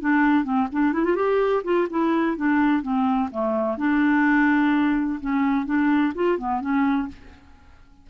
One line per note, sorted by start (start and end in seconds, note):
0.00 0.44 D4
0.44 0.67 C4
0.72 0.92 D4
0.92 1.04 E4
1.04 1.15 F4
1.15 1.62 G4
1.63 1.87 F4
1.89 2.36 E4
2.36 2.82 D4
2.82 3.29 C4
3.31 3.77 A3
3.77 5.19 D4
5.20 5.65 C#4
5.65 6.13 D4
6.15 6.38 F4
6.38 6.60 B3
6.60 7.08 C#4